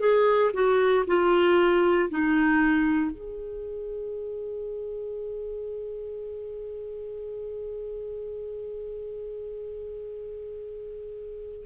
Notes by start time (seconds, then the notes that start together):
0.00 G#4
0.54 F#4
1.07 F4
2.10 D#4
3.12 G#4